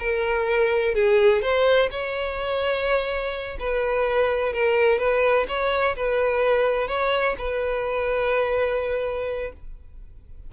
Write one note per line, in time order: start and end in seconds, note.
0.00 0.95 A#4
0.95 1.42 G#4
1.42 1.90 C5
1.91 3.58 C#5
3.60 4.54 B4
4.54 4.99 A#4
4.99 5.47 B4
5.49 5.96 C#5
5.97 6.89 B4
6.89 7.36 C#5
7.39 9.53 B4